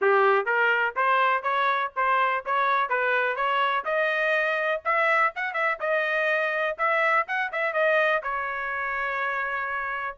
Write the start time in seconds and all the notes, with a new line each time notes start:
0.01 G4
0.45 A#4
0.96 C5
1.43 C#5
1.96 C5
2.45 C#5
2.89 B4
3.36 C#5
3.84 D#5
4.85 E5
5.35 F#5
5.53 E5
5.80 D#5
6.77 E5
7.27 F#5
7.52 E5
7.73 D#5
8.23 C#5